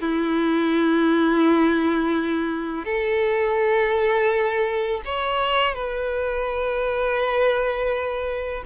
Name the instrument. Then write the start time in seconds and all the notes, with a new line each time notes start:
violin
0.00 E4
2.85 A4
5.05 C#5
5.74 B4